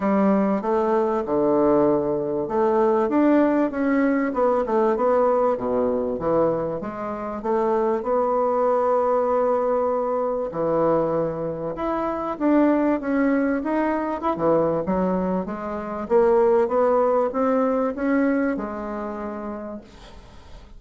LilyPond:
\new Staff \with { instrumentName = "bassoon" } { \time 4/4 \tempo 4 = 97 g4 a4 d2 | a4 d'4 cis'4 b8 a8 | b4 b,4 e4 gis4 | a4 b2.~ |
b4 e2 e'4 | d'4 cis'4 dis'4 e'16 e8. | fis4 gis4 ais4 b4 | c'4 cis'4 gis2 | }